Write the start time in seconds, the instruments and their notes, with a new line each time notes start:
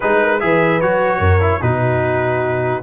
0.00 tuba G#3, trombone D#4, horn G#4, trumpet B4
0.21 horn A#4
0.40 tuba E3, trombone G#4, horn B4, trumpet E5
0.80 tuba F#3, trombone F#4, trumpet C#5
1.19 tuba F#2, horn A#4
1.40 trombone E4
1.61 tuba B2, trombone D#4, horn F#4, trumpet B4